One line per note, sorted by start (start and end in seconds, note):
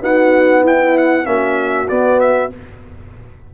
0.00 1.24 B3
0.00 0.63 D#4
0.00 0.62 F#4
0.00 0.66 F#5
0.62 1.24 E4
0.62 1.25 E4
0.62 0.98 G5
0.98 1.26 F#5
1.24 1.89 A#3
1.24 1.87 C#4
1.24 2.54 F#4
1.24 1.88 E5
1.88 2.50 B3
1.88 2.53 B3
1.88 2.20 D5
2.20 2.51 E5